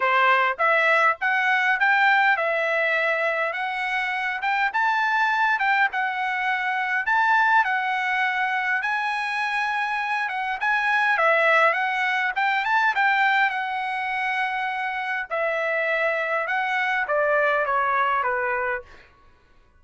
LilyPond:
\new Staff \with { instrumentName = "trumpet" } { \time 4/4 \tempo 4 = 102 c''4 e''4 fis''4 g''4 | e''2 fis''4. g''8 | a''4. g''8 fis''2 | a''4 fis''2 gis''4~ |
gis''4. fis''8 gis''4 e''4 | fis''4 g''8 a''8 g''4 fis''4~ | fis''2 e''2 | fis''4 d''4 cis''4 b'4 | }